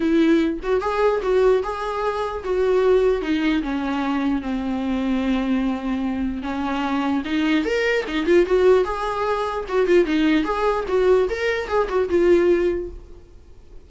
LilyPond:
\new Staff \with { instrumentName = "viola" } { \time 4/4 \tempo 4 = 149 e'4. fis'8 gis'4 fis'4 | gis'2 fis'2 | dis'4 cis'2 c'4~ | c'1 |
cis'2 dis'4 ais'4 | dis'8 f'8 fis'4 gis'2 | fis'8 f'8 dis'4 gis'4 fis'4 | ais'4 gis'8 fis'8 f'2 | }